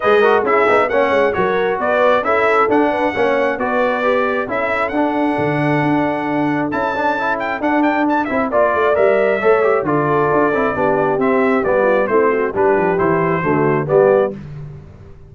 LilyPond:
<<
  \new Staff \with { instrumentName = "trumpet" } { \time 4/4 \tempo 4 = 134 dis''4 e''4 fis''4 cis''4 | d''4 e''4 fis''2 | d''2 e''4 fis''4~ | fis''2. a''4~ |
a''8 g''8 fis''8 g''8 a''8 e''8 d''4 | e''2 d''2~ | d''4 e''4 d''4 c''4 | b'4 c''2 d''4 | }
  \new Staff \with { instrumentName = "horn" } { \time 4/4 b'8 ais'8 gis'4 cis''4 ais'4 | b'4 a'4. b'8 cis''4 | b'2 a'2~ | a'1~ |
a'2. d''4~ | d''4 cis''4 a'2 | g'2~ g'8 f'8 e'8 fis'8 | g'2 fis'4 g'4 | }
  \new Staff \with { instrumentName = "trombone" } { \time 4/4 gis'8 fis'8 e'8 dis'8 cis'4 fis'4~ | fis'4 e'4 d'4 cis'4 | fis'4 g'4 e'4 d'4~ | d'2. e'8 d'8 |
e'4 d'4. e'8 f'4 | ais'4 a'8 g'8 f'4. e'8 | d'4 c'4 b4 c'4 | d'4 e'4 a4 b4 | }
  \new Staff \with { instrumentName = "tuba" } { \time 4/4 gis4 cis'8 b8 ais8 gis8 fis4 | b4 cis'4 d'4 ais4 | b2 cis'4 d'4 | d4 d'2 cis'4~ |
cis'4 d'4. c'8 ais8 a8 | g4 a4 d4 d'8 c'8 | b4 c'4 g4 a4 | g8 f8 e4 d4 g4 | }
>>